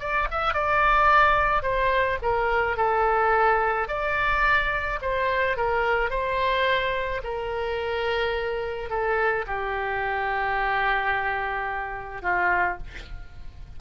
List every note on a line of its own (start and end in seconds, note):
0.00 0.28 D5
0.31 0.54 E5
0.54 1.63 D5
1.63 2.18 C5
2.22 2.77 A#4
2.77 3.88 A4
3.88 4.99 D5
5.02 5.57 C5
5.57 6.10 A#4
6.10 7.21 C5
7.24 8.90 A#4
8.90 9.45 A4
9.47 12.23 G4
12.23 12.78 F4